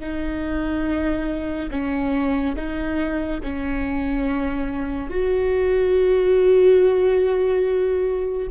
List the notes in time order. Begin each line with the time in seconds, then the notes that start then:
0.00 D#4
1.71 C#4
2.55 D#4
3.43 C#4
5.09 F#4